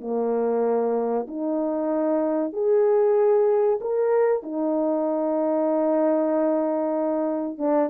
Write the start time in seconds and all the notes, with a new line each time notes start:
0.00 A#3
1.27 D#4
2.53 G#4
3.80 A#4
4.42 D#4
7.58 D4